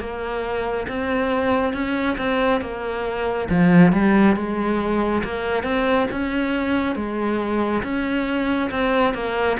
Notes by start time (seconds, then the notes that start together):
0.00 A#3
0.88 C4
1.73 C#4
2.17 C4
2.61 A#3
3.49 F3
3.92 G3
4.36 G#3
5.24 A#3
5.63 C4
6.11 C#4
6.96 G#3
7.83 C#4
8.70 C4
9.14 A#3